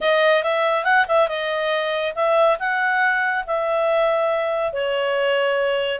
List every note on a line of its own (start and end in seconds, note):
0.01 0.43 D#5
0.43 0.84 E5
0.84 1.05 F#5
1.08 1.28 E5
1.28 2.13 D#5
2.15 2.58 E5
2.59 3.44 F#5
3.46 4.72 E5
4.72 5.99 C#5